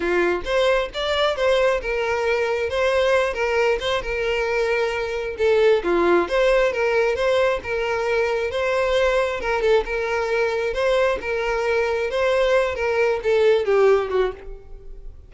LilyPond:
\new Staff \with { instrumentName = "violin" } { \time 4/4 \tempo 4 = 134 f'4 c''4 d''4 c''4 | ais'2 c''4. ais'8~ | ais'8 c''8 ais'2. | a'4 f'4 c''4 ais'4 |
c''4 ais'2 c''4~ | c''4 ais'8 a'8 ais'2 | c''4 ais'2 c''4~ | c''8 ais'4 a'4 g'4 fis'8 | }